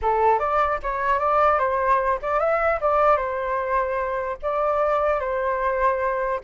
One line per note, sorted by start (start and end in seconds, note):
0.02 0.39 A4
0.39 0.79 D5
0.83 1.19 C#5
1.19 1.58 D5
1.58 2.18 C5
2.22 2.39 D5
2.39 2.79 E5
2.80 3.17 D5
3.17 4.37 C5
4.42 5.20 D5
5.20 6.40 C5